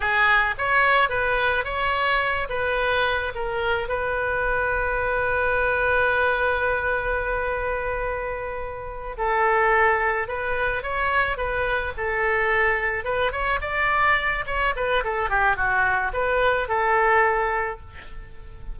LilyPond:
\new Staff \with { instrumentName = "oboe" } { \time 4/4 \tempo 4 = 108 gis'4 cis''4 b'4 cis''4~ | cis''8 b'4. ais'4 b'4~ | b'1~ | b'1~ |
b'8 a'2 b'4 cis''8~ | cis''8 b'4 a'2 b'8 | cis''8 d''4. cis''8 b'8 a'8 g'8 | fis'4 b'4 a'2 | }